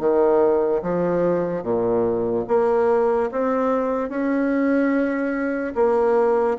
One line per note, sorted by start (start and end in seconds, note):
0.00 0.82 D#3
0.83 1.64 F3
1.64 2.46 A#2
2.48 3.31 A#3
3.32 4.10 C4
4.10 5.74 C#4
5.76 6.58 A#3